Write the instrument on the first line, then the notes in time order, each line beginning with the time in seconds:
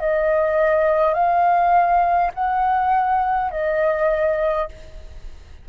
flute
0.00 D#5
1.13 F5
2.34 F#5
3.51 D#5